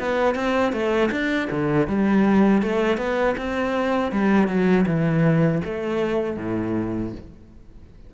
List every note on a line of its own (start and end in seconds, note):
0.00 0.35 B3
0.35 0.73 C4
0.73 1.10 A3
1.12 1.49 D4
1.51 1.88 D3
1.88 2.62 G3
2.62 2.98 A3
2.98 3.35 B3
3.38 4.12 C4
4.12 4.48 G3
4.48 4.86 F#3
4.87 5.62 E3
5.65 6.38 A3
6.38 7.12 A2